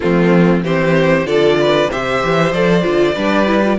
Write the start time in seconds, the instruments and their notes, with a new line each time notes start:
0.00 cello F3, viola A3, violin C4 F4
0.62 cello E3, viola C4, violin G4 C5
1.25 cello D3, viola F4, violin A4 D5
1.60 violin B4
1.90 cello C3, viola G4, violin C5 E5
2.23 cello E3
2.52 cello F3, viola A4, violin D5
2.82 cello D3, viola F4
3.14 cello G3, viola D4, violin B4
3.46 viola E4
3.63 viola F4